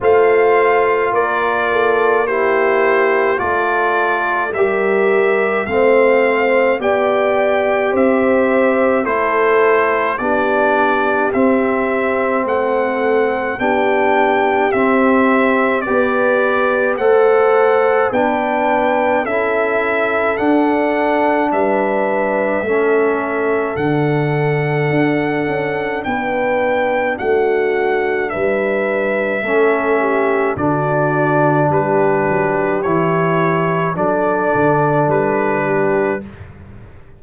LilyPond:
<<
  \new Staff \with { instrumentName = "trumpet" } { \time 4/4 \tempo 4 = 53 f''4 d''4 c''4 d''4 | e''4 f''4 g''4 e''4 | c''4 d''4 e''4 fis''4 | g''4 e''4 d''4 fis''4 |
g''4 e''4 fis''4 e''4~ | e''4 fis''2 g''4 | fis''4 e''2 d''4 | b'4 cis''4 d''4 b'4 | }
  \new Staff \with { instrumentName = "horn" } { \time 4/4 c''4 ais'8 a'8 g'4 a'4 | ais'4 c''4 d''4 c''4 | a'4 g'2 a'4 | g'2 b'4 c''4 |
b'4 a'2 b'4 | a'2. b'4 | fis'4 b'4 a'8 g'8 fis'4 | g'2 a'4. g'8 | }
  \new Staff \with { instrumentName = "trombone" } { \time 4/4 f'2 e'4 f'4 | g'4 c'4 g'2 | e'4 d'4 c'2 | d'4 c'4 g'4 a'4 |
d'4 e'4 d'2 | cis'4 d'2.~ | d'2 cis'4 d'4~ | d'4 e'4 d'2 | }
  \new Staff \with { instrumentName = "tuba" } { \time 4/4 a4 ais2 a4 | g4 a4 b4 c'4 | a4 b4 c'4 a4 | b4 c'4 b4 a4 |
b4 cis'4 d'4 g4 | a4 d4 d'8 cis'8 b4 | a4 g4 a4 d4 | g8 fis8 e4 fis8 d8 g4 | }
>>